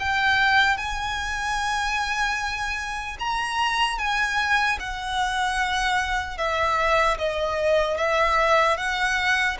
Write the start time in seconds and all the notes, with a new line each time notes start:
0.00 G5
0.77 G#5
3.20 A#5
3.99 G#5
4.80 F#5
6.38 E5
7.19 D#5
7.98 E5
8.78 F#5